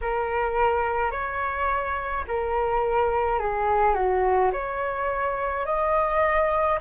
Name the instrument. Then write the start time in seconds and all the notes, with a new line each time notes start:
flute
0.01 A#4
1.11 C#5
2.27 A#4
3.39 G#4
3.94 F#4
4.52 C#5
5.65 D#5